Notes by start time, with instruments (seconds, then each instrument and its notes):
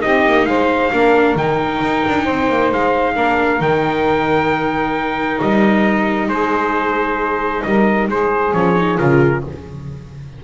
0.00 double bass C4, viola D#4, saxophone G4, trumpet D#5
0.26 double bass A#3
0.45 double bass G#3, saxophone C5, trumpet F5
0.92 double bass A#3, viola D4, saxophone A#4
1.35 double bass D#3, viola D#4, trumpet G5
1.81 double bass D#4
2.08 double bass D4
2.24 double bass C4, saxophone C5
2.49 double bass A#3
2.71 double bass G#3, trumpet F5
3.14 double bass A#3, viola D4, saxophone A#4
3.59 double bass D#3, viola D#4, trumpet G5
5.41 double bass G3, trumpet D#5
6.28 double bass G#3, saxophone G#4, trumpet C5
7.62 double bass G3, saxophone A#4, trumpet D#5
8.08 double bass G#3, saxophone G#4, trumpet C5
8.53 double bass F3, viola C#4, trumpet C#5
8.75 viola D#4
8.97 double bass C#3, viola F4, trumpet A#4